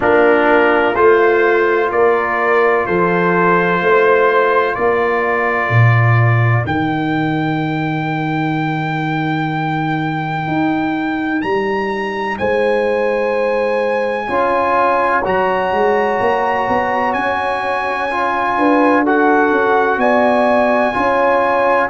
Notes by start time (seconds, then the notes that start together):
0.00 A#3 D4 F4 A#4
0.95 A3 F4 C5
1.90 A#3 A#4 D5
2.86 F3 A4 C5
3.80 A3 C5
4.74 A#3 A#4 D5
5.69 A#2
6.65 D#3 D#4 G5
10.47 D#4
11.41 G3 A#5
12.38 G#3 C5 G#5
14.27 C#4 F4 C#5
15.24 F#3 F#4 A#5
15.72 G#3
16.20 A#3
16.68 B3
17.13 C#4 G#5
18.10 F4
18.57 D4 B4
19.02 F#4 A4 F#5
19.50 C#4
19.97 B3 D5 G#5
20.93 C#4 F4 C#5